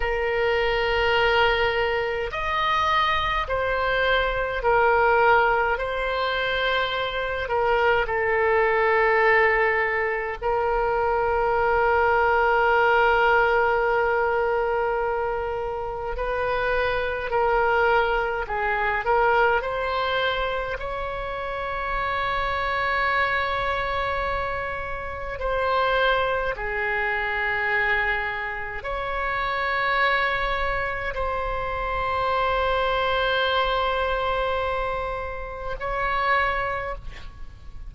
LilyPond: \new Staff \with { instrumentName = "oboe" } { \time 4/4 \tempo 4 = 52 ais'2 dis''4 c''4 | ais'4 c''4. ais'8 a'4~ | a'4 ais'2.~ | ais'2 b'4 ais'4 |
gis'8 ais'8 c''4 cis''2~ | cis''2 c''4 gis'4~ | gis'4 cis''2 c''4~ | c''2. cis''4 | }